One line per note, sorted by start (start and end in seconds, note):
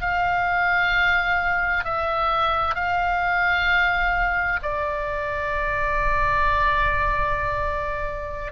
0.00 1.85 F5
1.85 2.75 E5
2.75 4.59 F5
4.62 8.52 D5